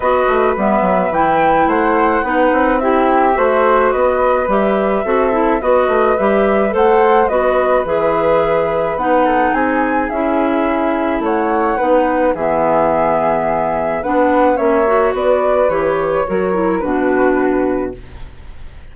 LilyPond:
<<
  \new Staff \with { instrumentName = "flute" } { \time 4/4 \tempo 4 = 107 dis''4 e''4 g''4 fis''4~ | fis''4 e''2 dis''4 | e''2 dis''4 e''4 | fis''4 dis''4 e''2 |
fis''4 gis''4 e''2 | fis''2 e''2~ | e''4 fis''4 e''4 d''4 | cis''2 b'2 | }
  \new Staff \with { instrumentName = "flute" } { \time 4/4 b'2. c''4 | b'4 g'4 c''4 b'4~ | b'4 a'4 b'2 | c''4 b'2.~ |
b'8 a'8 gis'2. | cis''4 b'4 gis'2~ | gis'4 b'4 cis''4 b'4~ | b'4 ais'4 fis'2 | }
  \new Staff \with { instrumentName = "clarinet" } { \time 4/4 fis'4 b4 e'2 | dis'4 e'4 fis'2 | g'4 fis'8 e'8 fis'4 g'4 | a'4 fis'4 gis'2 |
dis'2 e'2~ | e'4 dis'4 b2~ | b4 d'4 cis'8 fis'4. | g'4 fis'8 e'8 d'2 | }
  \new Staff \with { instrumentName = "bassoon" } { \time 4/4 b8 a8 g8 fis8 e4 a4 | b8 c'4. a4 b4 | g4 c'4 b8 a8 g4 | a4 b4 e2 |
b4 c'4 cis'2 | a4 b4 e2~ | e4 b4 ais4 b4 | e4 fis4 b,2 | }
>>